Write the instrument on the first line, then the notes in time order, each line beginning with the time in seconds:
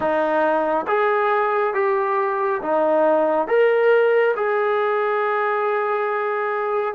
trombone
0.00 D#4
0.87 G#4
1.74 G4
2.62 D#4
3.47 A#4
4.36 G#4